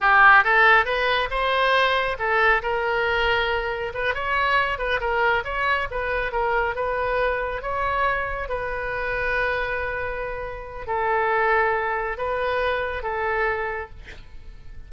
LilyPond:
\new Staff \with { instrumentName = "oboe" } { \time 4/4 \tempo 4 = 138 g'4 a'4 b'4 c''4~ | c''4 a'4 ais'2~ | ais'4 b'8 cis''4. b'8 ais'8~ | ais'8 cis''4 b'4 ais'4 b'8~ |
b'4. cis''2 b'8~ | b'1~ | b'4 a'2. | b'2 a'2 | }